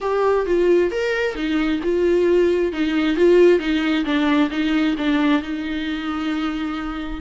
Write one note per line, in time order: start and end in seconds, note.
0.00 0.46 G4
0.46 0.91 F4
0.91 1.35 A#4
1.35 1.80 D#4
1.83 2.72 F4
2.72 3.16 D#4
3.16 3.59 F4
3.59 4.04 D#4
4.04 4.49 D4
4.50 4.95 D#4
4.97 5.41 D4
5.41 7.21 D#4